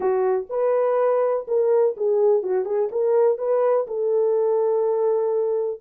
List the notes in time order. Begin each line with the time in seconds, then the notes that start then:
0.00 F#4
0.49 B4
1.47 A#4
1.96 G#4
2.43 F#4
2.65 G#4
2.91 A#4
3.38 B4
3.87 A4